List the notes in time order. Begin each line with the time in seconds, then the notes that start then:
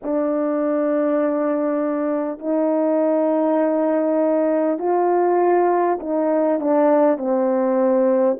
0.02 D4
2.38 D#4
4.78 F4
5.99 D#4
6.59 D4
7.17 C4